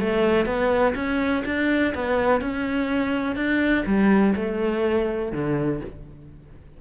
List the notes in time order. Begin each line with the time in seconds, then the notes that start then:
0.00 A3
0.46 B3
0.95 C#4
1.46 D4
1.95 B3
2.41 C#4
3.36 D4
3.87 G3
4.36 A3
5.32 D3